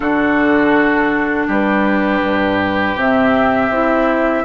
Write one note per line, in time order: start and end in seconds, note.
0.00 1.46 D3
0.00 2.95 D4
0.00 1.47 F#4
0.00 1.46 A4
1.47 2.21 G3
1.47 4.43 G4
1.47 2.99 B4
2.21 2.95 G2
2.95 3.69 C3
2.95 3.72 C4
2.95 4.45 E5
3.69 4.43 C4
3.69 4.45 E4